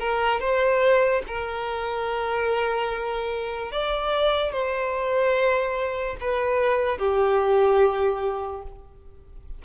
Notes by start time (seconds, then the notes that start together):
0.00 A#4
0.40 C5
1.27 A#4
3.72 D5
4.52 C5
6.21 B4
6.98 G4